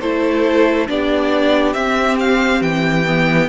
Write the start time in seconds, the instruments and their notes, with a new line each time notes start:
0.00 cello A3, viola E4, violin A4 C5
0.87 cello B3, viola D4, violin G4 D5
1.73 viola C4, cello C4, violin E5
2.19 violin F5
2.61 cello E3, violin G5
3.06 viola B3